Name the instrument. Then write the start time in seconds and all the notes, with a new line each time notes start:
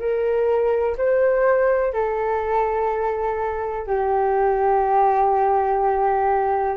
flute
0.00 A#4
0.98 C5
1.94 A4
3.87 G4